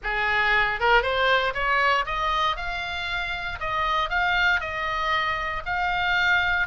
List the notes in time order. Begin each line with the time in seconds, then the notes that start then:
0.03 G#4
0.80 A#4
1.02 C5
1.53 C#5
2.05 D#5
2.56 F5
3.59 D#5
4.09 F5
4.60 D#5
5.65 F5